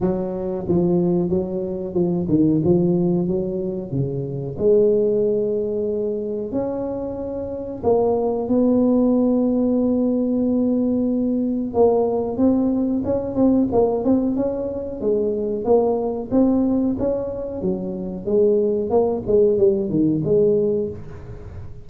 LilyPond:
\new Staff \with { instrumentName = "tuba" } { \time 4/4 \tempo 4 = 92 fis4 f4 fis4 f8 dis8 | f4 fis4 cis4 gis4~ | gis2 cis'2 | ais4 b2.~ |
b2 ais4 c'4 | cis'8 c'8 ais8 c'8 cis'4 gis4 | ais4 c'4 cis'4 fis4 | gis4 ais8 gis8 g8 dis8 gis4 | }